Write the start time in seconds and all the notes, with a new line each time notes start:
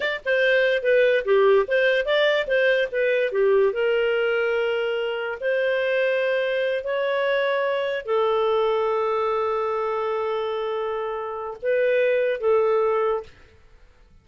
0.00 D5
0.25 C5
0.82 B4
1.24 G4
1.67 C5
2.05 D5
2.47 C5
2.91 B4
3.32 G4
3.73 A#4
5.40 C5
6.84 C#5
8.05 A4
11.62 B4
12.40 A4